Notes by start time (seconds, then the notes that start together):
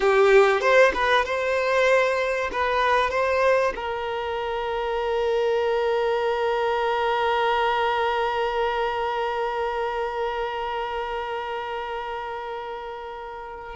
0.00 G4
0.61 C5
0.93 B4
1.25 C5
2.52 B4
3.10 C5
3.75 A#4